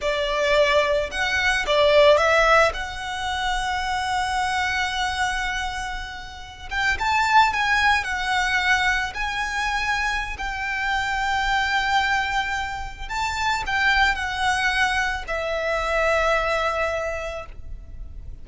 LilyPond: \new Staff \with { instrumentName = "violin" } { \time 4/4 \tempo 4 = 110 d''2 fis''4 d''4 | e''4 fis''2.~ | fis''1~ | fis''16 g''8 a''4 gis''4 fis''4~ fis''16~ |
fis''8. gis''2~ gis''16 g''4~ | g''1 | a''4 g''4 fis''2 | e''1 | }